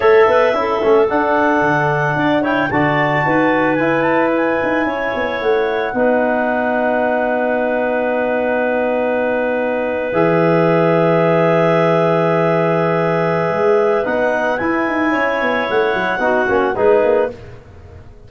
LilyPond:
<<
  \new Staff \with { instrumentName = "clarinet" } { \time 4/4 \tempo 4 = 111 e''2 fis''2~ | fis''8 g''8 a''2 gis''8 a''8 | gis''2 fis''2~ | fis''1~ |
fis''2~ fis''8. e''4~ e''16~ | e''1~ | e''2 fis''4 gis''4~ | gis''4 fis''2 b'4 | }
  \new Staff \with { instrumentName = "clarinet" } { \time 4/4 cis''8 b'8 a'2. | d''8 cis''8 d''4 b'2~ | b'4 cis''2 b'4~ | b'1~ |
b'1~ | b'1~ | b'1 | cis''2 fis'4 gis'4 | }
  \new Staff \with { instrumentName = "trombone" } { \time 4/4 a'4 e'8 cis'8 d'2~ | d'8 e'8 fis'2 e'4~ | e'2. dis'4~ | dis'1~ |
dis'2~ dis'8. gis'4~ gis'16~ | gis'1~ | gis'2 dis'4 e'4~ | e'2 dis'8 cis'8 dis'4 | }
  \new Staff \with { instrumentName = "tuba" } { \time 4/4 a8 b8 cis'8 a8 d'4 d4 | d'4 d4 dis'4 e'4~ | e'8 dis'8 cis'8 b8 a4 b4~ | b1~ |
b2~ b8. e4~ e16~ | e1~ | e4 gis4 b4 e'8 dis'8 | cis'8 b8 a8 fis8 b8 ais8 gis8 ais8 | }
>>